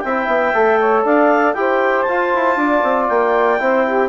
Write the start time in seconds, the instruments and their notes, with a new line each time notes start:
0.00 bassoon C4, saxophone E5, clarinet G5
0.08 trombone E4
0.27 bassoon B3
0.54 bassoon A3, trombone A4
0.80 saxophone C#5
1.04 bassoon D4, saxophone D5, clarinet F5
1.54 bassoon E4, trombone G4, clarinet G5
1.60 saxophone C5
2.03 bassoon F4, trombone F4, clarinet A5
2.34 bassoon E4
2.57 bassoon D4, saxophone D5
2.83 bassoon C4
3.09 bassoon A#3, clarinet G5
3.59 bassoon C4, trombone E4, saxophone C5
3.86 saxophone G4